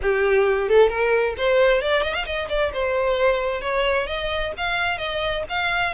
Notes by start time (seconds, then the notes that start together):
0.02 G4
0.68 A4
0.89 A#4
1.37 C5
1.81 D5
2.02 D#5
2.14 F5
2.25 D#5
2.49 D5
2.73 C5
3.61 C#5
4.06 D#5
4.57 F5
4.98 D#5
5.49 F5